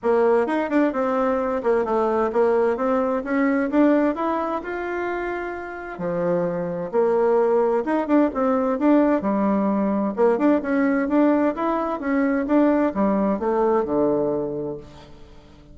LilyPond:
\new Staff \with { instrumentName = "bassoon" } { \time 4/4 \tempo 4 = 130 ais4 dis'8 d'8 c'4. ais8 | a4 ais4 c'4 cis'4 | d'4 e'4 f'2~ | f'4 f2 ais4~ |
ais4 dis'8 d'8 c'4 d'4 | g2 ais8 d'8 cis'4 | d'4 e'4 cis'4 d'4 | g4 a4 d2 | }